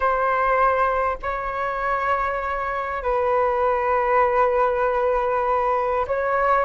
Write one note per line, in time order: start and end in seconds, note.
0.00 1.17 C5
1.22 3.02 C#5
3.02 6.06 B4
6.07 6.64 C#5